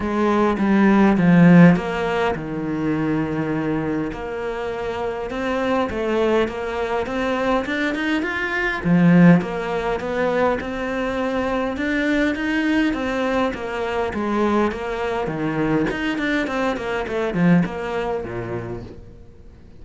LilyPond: \new Staff \with { instrumentName = "cello" } { \time 4/4 \tempo 4 = 102 gis4 g4 f4 ais4 | dis2. ais4~ | ais4 c'4 a4 ais4 | c'4 d'8 dis'8 f'4 f4 |
ais4 b4 c'2 | d'4 dis'4 c'4 ais4 | gis4 ais4 dis4 dis'8 d'8 | c'8 ais8 a8 f8 ais4 ais,4 | }